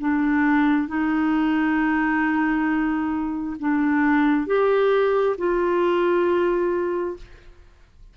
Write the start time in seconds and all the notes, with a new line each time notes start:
0.00 D4
0.88 D#4
3.59 D4
4.47 G4
5.38 F4